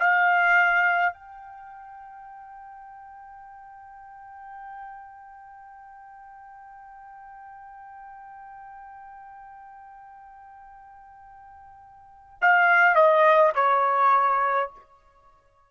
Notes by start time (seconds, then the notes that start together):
0.00 F5
1.14 G5
12.42 F5
12.96 D#5
13.55 C#5